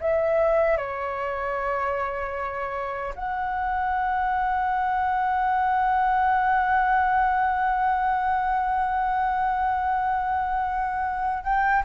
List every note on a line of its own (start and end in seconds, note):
0.00 0.77 E5
0.77 3.14 C#5
3.15 11.43 F#5
11.43 11.83 G5